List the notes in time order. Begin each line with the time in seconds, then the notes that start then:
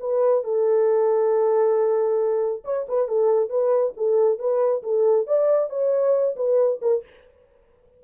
0.00 B4
0.44 A4
2.64 C#5
2.88 B4
3.08 A4
3.49 B4
3.97 A4
4.39 B4
4.83 A4
5.27 D5
5.70 C#5
6.36 B4
6.81 A#4